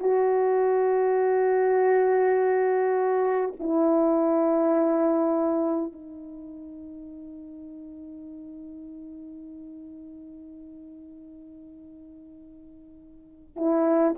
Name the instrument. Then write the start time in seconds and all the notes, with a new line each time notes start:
horn
0.00 F#4
3.60 E4
5.92 D#4
13.57 E4